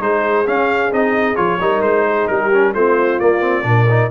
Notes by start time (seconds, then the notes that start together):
0.00 G#3 D#4 G#4 C5
0.46 C#4 F5
0.92 C4 D#4 D#5
1.36 F3 F4 C#5
1.60 G3 D#4 A#4
1.82 G#3 C5
2.08 G#4
2.28 G3 G4 A#4
2.52 C#4
2.74 A3 C4 F4 C5
3.20 A#3 D5
3.41 C4
3.63 A#2 D4 A#4
3.90 D#4